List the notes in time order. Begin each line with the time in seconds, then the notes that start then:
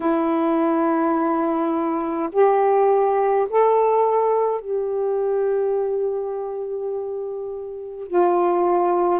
0.00 E4
2.32 G4
3.49 A4
4.60 G4
8.07 F4